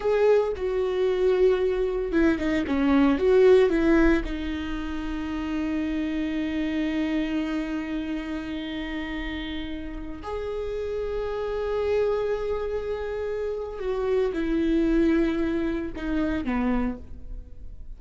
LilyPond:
\new Staff \with { instrumentName = "viola" } { \time 4/4 \tempo 4 = 113 gis'4 fis'2. | e'8 dis'8 cis'4 fis'4 e'4 | dis'1~ | dis'1~ |
dis'2.~ dis'16 gis'8.~ | gis'1~ | gis'2 fis'4 e'4~ | e'2 dis'4 b4 | }